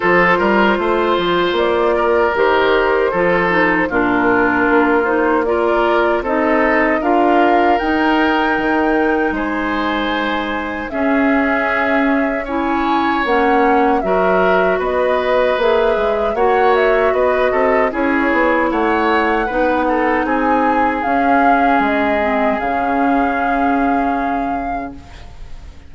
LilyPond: <<
  \new Staff \with { instrumentName = "flute" } { \time 4/4 \tempo 4 = 77 c''2 d''4 c''4~ | c''4 ais'4. c''8 d''4 | dis''4 f''4 g''2 | gis''2 e''2 |
gis''4 fis''4 e''4 dis''4 | e''4 fis''8 e''8 dis''4 cis''4 | fis''2 gis''4 f''4 | dis''4 f''2. | }
  \new Staff \with { instrumentName = "oboe" } { \time 4/4 a'8 ais'8 c''4. ais'4. | a'4 f'2 ais'4 | a'4 ais'2. | c''2 gis'2 |
cis''2 ais'4 b'4~ | b'4 cis''4 b'8 a'8 gis'4 | cis''4 b'8 a'8 gis'2~ | gis'1 | }
  \new Staff \with { instrumentName = "clarinet" } { \time 4/4 f'2. g'4 | f'8 dis'8 d'4. dis'8 f'4 | dis'4 f'4 dis'2~ | dis'2 cis'2 |
e'4 cis'4 fis'2 | gis'4 fis'2 e'4~ | e'4 dis'2 cis'4~ | cis'8 c'8 cis'2. | }
  \new Staff \with { instrumentName = "bassoon" } { \time 4/4 f8 g8 a8 f8 ais4 dis4 | f4 ais,4 ais2 | c'4 d'4 dis'4 dis4 | gis2 cis'2~ |
cis'4 ais4 fis4 b4 | ais8 gis8 ais4 b8 c'8 cis'8 b8 | a4 b4 c'4 cis'4 | gis4 cis2. | }
>>